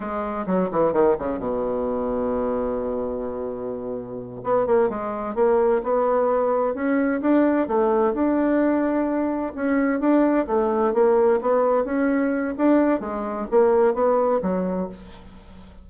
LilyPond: \new Staff \with { instrumentName = "bassoon" } { \time 4/4 \tempo 4 = 129 gis4 fis8 e8 dis8 cis8 b,4~ | b,1~ | b,4. b8 ais8 gis4 ais8~ | ais8 b2 cis'4 d'8~ |
d'8 a4 d'2~ d'8~ | d'8 cis'4 d'4 a4 ais8~ | ais8 b4 cis'4. d'4 | gis4 ais4 b4 fis4 | }